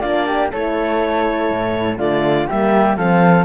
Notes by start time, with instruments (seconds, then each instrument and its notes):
0.00 cello A#3, horn D4, flute F4, clarinet D5
0.27 flute G4
0.52 cello A3, horn E4, flute A4, clarinet C#5
1.52 cello A2
1.98 cello D3, horn A3, flute F4, clarinet D5
2.48 cello G3, horn A#3, flute G4, clarinet E5
2.97 cello F3, horn C4, flute A4, clarinet F5